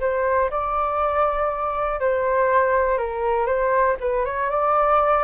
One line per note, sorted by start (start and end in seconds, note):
0.00 0.50 C5
0.50 2.00 D5
2.00 2.97 C5
2.97 3.46 A#4
3.46 3.96 C5
4.00 4.25 B4
4.25 4.50 C#5
4.50 5.23 D5